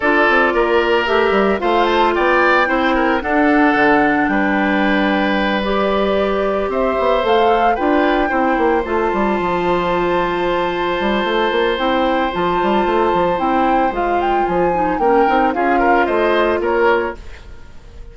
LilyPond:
<<
  \new Staff \with { instrumentName = "flute" } { \time 4/4 \tempo 4 = 112 d''2 e''4 f''8 a''8 | g''2 fis''2 | g''2~ g''8 d''4.~ | d''8 e''4 f''4 g''4.~ |
g''8 a''2.~ a''8~ | a''2 g''4 a''4~ | a''4 g''4 f''8 g''8 gis''4 | g''4 f''4 dis''4 cis''4 | }
  \new Staff \with { instrumentName = "oboe" } { \time 4/4 a'4 ais'2 c''4 | d''4 c''8 ais'8 a'2 | b'1~ | b'8 c''2 b'4 c''8~ |
c''1~ | c''1~ | c''1 | ais'4 gis'8 ais'8 c''4 ais'4 | }
  \new Staff \with { instrumentName = "clarinet" } { \time 4/4 f'2 g'4 f'4~ | f'4 e'4 d'2~ | d'2~ d'8 g'4.~ | g'4. a'4 f'4 e'8~ |
e'8 f'2.~ f'8~ | f'2 e'4 f'4~ | f'4 e'4 f'4. dis'8 | cis'8 dis'8 f'2. | }
  \new Staff \with { instrumentName = "bassoon" } { \time 4/4 d'8 c'8 ais4 a8 g8 a4 | b4 c'4 d'4 d4 | g1~ | g8 c'8 b8 a4 d'4 c'8 |
ais8 a8 g8 f2~ f8~ | f8 g8 a8 ais8 c'4 f8 g8 | a8 f8 c'4 gis4 f4 | ais8 c'8 cis'4 a4 ais4 | }
>>